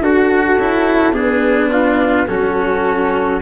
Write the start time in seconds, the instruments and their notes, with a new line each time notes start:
0.00 tuba D4, cello F#4, trumpet F#4, flute A4
0.58 tuba C#4, cello E4
1.12 tuba B3, cello D4, trumpet G#4, flute B4
1.72 trumpet F4
2.27 tuba F#3, cello C#4, trumpet F#4, flute A4